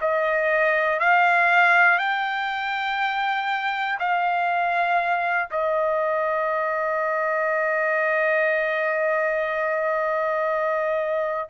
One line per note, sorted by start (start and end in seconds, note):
0.00 1.00 D#5
1.00 1.98 F5
1.98 3.98 G5
3.99 5.49 F5
5.50 11.49 D#5